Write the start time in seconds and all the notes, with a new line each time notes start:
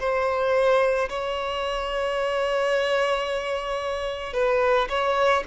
0.00 C5
1.10 C#5
4.34 B4
4.89 C#5